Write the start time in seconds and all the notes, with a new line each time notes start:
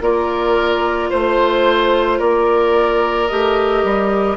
0.00 A#3 F4 A#4 D5
1.09 A3 C5
2.18 A#3 A#4 D5
3.27 A3 G4 D#5
3.83 G3